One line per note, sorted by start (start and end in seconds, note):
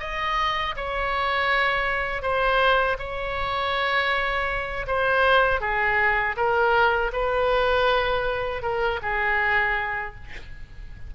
0.00 0.75 D#5
0.76 2.22 C#5
2.22 2.97 C5
2.99 4.86 C#5
4.87 5.61 C5
5.61 6.36 G#4
6.36 7.11 A#4
7.13 8.62 B4
8.62 9.00 A#4
9.02 10.15 G#4